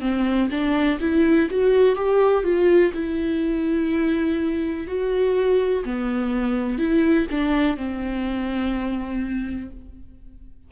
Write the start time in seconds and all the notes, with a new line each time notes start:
0.00 C4
0.51 D4
1.00 E4
1.50 F#4
1.95 G4
2.43 F4
2.93 E4
4.87 F#4
5.85 B3
6.78 E4
7.31 D4
7.76 C4